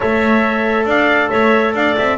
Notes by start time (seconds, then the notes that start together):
0.00 A3 A4 C#5 E5
0.85 D4 D5 F5
1.29 A3 C#5 E5
1.74 D4 D5 F5
1.98 C4 E5